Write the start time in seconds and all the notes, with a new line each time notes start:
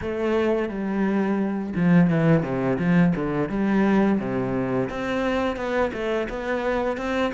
0.01 A3
0.68 G3
1.75 F3
2.10 E3
2.43 C3
2.78 F3
3.15 D3
3.49 G3
4.19 C3
4.89 C4
5.56 B3
5.93 A3
6.29 B3
6.97 C4